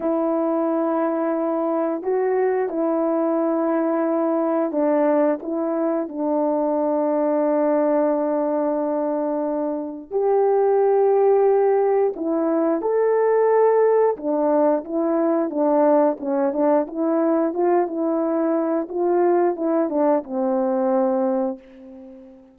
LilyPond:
\new Staff \with { instrumentName = "horn" } { \time 4/4 \tempo 4 = 89 e'2. fis'4 | e'2. d'4 | e'4 d'2.~ | d'2. g'4~ |
g'2 e'4 a'4~ | a'4 d'4 e'4 d'4 | cis'8 d'8 e'4 f'8 e'4. | f'4 e'8 d'8 c'2 | }